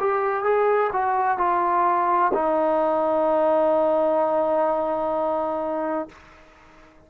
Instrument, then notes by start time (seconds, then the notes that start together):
trombone
0.00 G4
0.44 G#4
0.93 F#4
1.38 F4
2.34 D#4